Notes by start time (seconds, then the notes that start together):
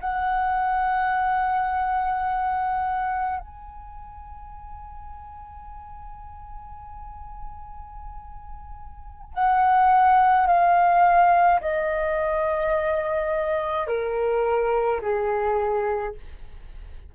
0.00 F#5
3.40 G#5
9.33 F#5
10.47 F5
11.60 D#5
13.87 A#4
15.01 G#4